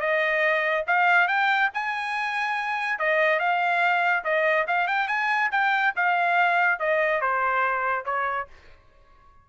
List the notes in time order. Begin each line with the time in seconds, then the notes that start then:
0.00 D#5
0.87 F5
1.28 G5
1.74 G#5
2.99 D#5
3.39 F5
4.24 D#5
4.67 F5
4.87 G5
5.07 G#5
5.51 G5
5.96 F5
6.79 D#5
7.21 C5
8.05 C#5